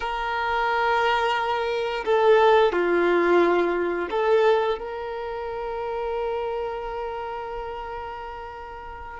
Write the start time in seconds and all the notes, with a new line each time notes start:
0.00 A#4
2.05 A4
2.72 F4
4.10 A4
4.78 A#4